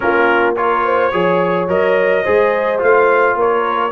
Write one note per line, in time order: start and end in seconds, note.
0.00 1.12 A#3
0.00 0.55 C#4
0.00 0.58 F4
0.00 0.55 A#4
0.56 1.11 F4
0.56 0.84 A#4
0.56 1.68 C#5
0.84 1.12 C5
1.11 1.67 F3
1.11 1.68 G#4
1.11 2.23 C#5
1.67 2.23 F#3
1.67 2.24 A#4
1.67 2.81 D#5
2.23 2.82 G#3
2.23 2.78 G#4
2.23 3.35 C5
2.78 3.35 A3
2.78 3.91 F4
2.78 3.38 F5
3.35 3.91 A#3
3.35 3.92 A#4
3.35 3.92 C#5